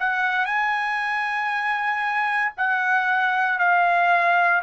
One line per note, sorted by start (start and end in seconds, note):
0.00 0.46 F#5
0.46 2.53 G#5
2.57 3.59 F#5
3.59 4.63 F5